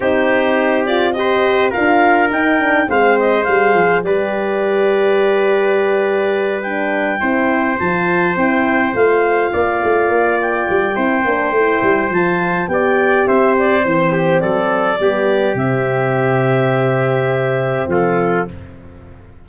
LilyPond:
<<
  \new Staff \with { instrumentName = "clarinet" } { \time 4/4 \tempo 4 = 104 c''4. d''8 dis''4 f''4 | g''4 f''8 dis''8 f''4 d''4~ | d''2.~ d''8 g''8~ | g''4. a''4 g''4 f''8~ |
f''2 g''2~ | g''4 a''4 g''4 e''8 d''8 | c''4 d''2 e''4~ | e''2. a'4 | }
  \new Staff \with { instrumentName = "trumpet" } { \time 4/4 g'2 c''4 ais'4~ | ais'4 c''2 b'4~ | b'1~ | b'8 c''2.~ c''8~ |
c''8 d''2~ d''8 c''4~ | c''2 d''4 c''4~ | c''8 g'8 a'4 g'2~ | g'2. f'4 | }
  \new Staff \with { instrumentName = "horn" } { \time 4/4 dis'4. f'8 g'4 f'4 | dis'8 d'8 c'4 gis'4 g'4~ | g'2.~ g'8 d'8~ | d'8 e'4 f'4 e'4 f'8~ |
f'2. e'8 d'8 | e'4 f'4 g'2 | c'2 b4 c'4~ | c'1 | }
  \new Staff \with { instrumentName = "tuba" } { \time 4/4 c'2. d'4 | dis'4 gis4 g8 f8 g4~ | g1~ | g8 c'4 f4 c'4 a8~ |
a8 ais8 a8 ais4 g8 c'8 ais8 | a8 g8 f4 b4 c'4 | e4 fis4 g4 c4~ | c2. f4 | }
>>